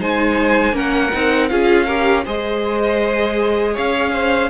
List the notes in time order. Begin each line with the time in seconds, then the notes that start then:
0.00 G#3 D#4 C5 G#5
0.73 A#3 C#4 A#4 F#5
1.13 C4 D#4
1.49 C#4 F4 G#4 F5
1.86 G4 A#4
2.25 G#3 G#4 C5 D#5
3.73 C#4 C#5 F5
4.13 C5